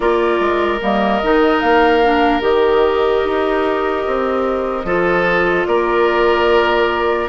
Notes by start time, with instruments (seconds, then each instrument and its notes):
0.00 bassoon A#3, clarinet F4, oboe A#4, flute D5
0.39 bassoon G#3
0.81 bassoon G3, clarinet A#3, flute D#5
1.22 bassoon D#3, clarinet D#4
1.60 bassoon A#3, flute F5
2.03 clarinet D4
2.40 bassoon D#3, clarinet G4, flute D#5
3.24 bassoon D#4
4.06 bassoon C4
4.84 bassoon F3, clarinet F4, oboe A4
5.66 bassoon A#3, oboe A#4, flute D5